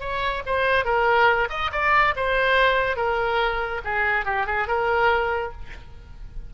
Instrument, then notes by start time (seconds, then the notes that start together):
oboe
0.00 C#5
0.46 C5
0.85 A#4
1.49 D#5
1.72 D5
2.16 C5
2.96 A#4
3.84 G#4
4.25 G4
4.46 G#4
4.67 A#4